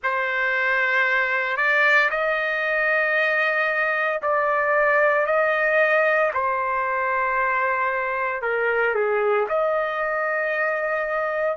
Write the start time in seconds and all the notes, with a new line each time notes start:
0.03 C5
1.56 D5
2.10 D#5
4.22 D5
5.26 D#5
6.33 C5
8.42 A#4
8.95 G#4
9.48 D#5